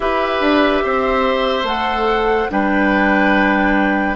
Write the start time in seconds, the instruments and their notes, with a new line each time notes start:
0.00 bassoon E4, clarinet G4, oboe B4, flute E5
0.40 bassoon D4
0.84 bassoon C4, oboe C5
1.63 bassoon A3, clarinet A4, flute F#5
2.49 bassoon G3, clarinet D4, oboe B4, flute G5